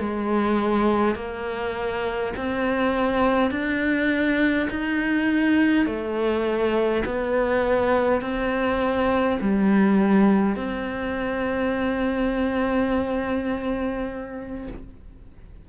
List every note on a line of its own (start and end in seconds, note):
0.00 1.16 G#3
1.16 2.33 A#3
2.37 3.51 C4
3.51 4.69 D4
4.70 5.87 D#4
5.87 7.04 A3
7.05 8.22 B3
8.22 9.40 C4
9.41 10.56 G3
10.56 14.68 C4